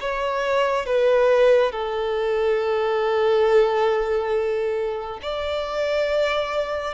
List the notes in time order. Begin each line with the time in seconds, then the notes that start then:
0.00 C#5
0.86 B4
1.72 A4
5.22 D5